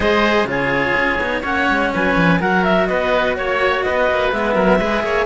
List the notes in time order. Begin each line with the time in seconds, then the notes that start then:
0.00 G#3 G#4 C5 D#5
0.44 C#3 F4 G#4 C#5
0.97 C#4
1.18 B3 D#4
1.41 A#3 C#4 C#5 F#5
1.69 G#3
1.93 F#3 B4 G#5
2.16 F3
2.39 F#3 F#4 A#4 F#5
2.64 E5
2.87 B3 B4 D#5
3.35 A#3 C#5
3.82 B3 B4 D#5
4.10 A#3
4.32 G#3 B3 E5
4.54 F#3 A#4
4.78 G#3 G#4 B4
5.03 A#3 C#5